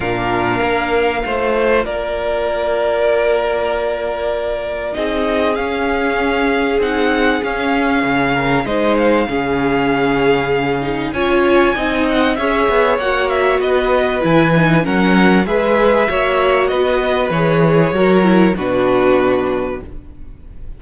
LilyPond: <<
  \new Staff \with { instrumentName = "violin" } { \time 4/4 \tempo 4 = 97 f''2. d''4~ | d''1 | dis''4 f''2 fis''4 | f''2 dis''8 f''4.~ |
f''2 gis''4. fis''8 | e''4 fis''8 e''8 dis''4 gis''4 | fis''4 e''2 dis''4 | cis''2 b'2 | }
  \new Staff \with { instrumentName = "violin" } { \time 4/4 ais'2 c''4 ais'4~ | ais'1 | gis'1~ | gis'4. ais'8 c''4 gis'4~ |
gis'2 cis''4 dis''4 | cis''2 b'2 | ais'4 b'4 cis''4 b'4~ | b'4 ais'4 fis'2 | }
  \new Staff \with { instrumentName = "viola" } { \time 4/4 d'2 f'2~ | f'1 | dis'4 cis'2 dis'4 | cis'2 dis'4 cis'4~ |
cis'4. dis'8 f'4 dis'4 | gis'4 fis'2 e'8 dis'8 | cis'4 gis'4 fis'2 | gis'4 fis'8 e'8 d'2 | }
  \new Staff \with { instrumentName = "cello" } { \time 4/4 ais,4 ais4 a4 ais4~ | ais1 | c'4 cis'2 c'4 | cis'4 cis4 gis4 cis4~ |
cis2 cis'4 c'4 | cis'8 b8 ais4 b4 e4 | fis4 gis4 ais4 b4 | e4 fis4 b,2 | }
>>